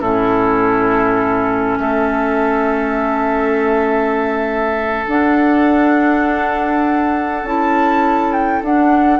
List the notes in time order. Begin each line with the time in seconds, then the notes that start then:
0.00 A2 C#4 E4 A4
1.79 A3 A4 E5
5.07 D4 F#5
7.43 C#4 E4 A5
8.32 G5
8.62 D4 F#5